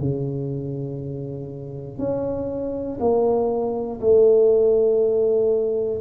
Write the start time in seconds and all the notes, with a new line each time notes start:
0.00 C#3
1.99 C#4
3.01 A#3
4.01 A3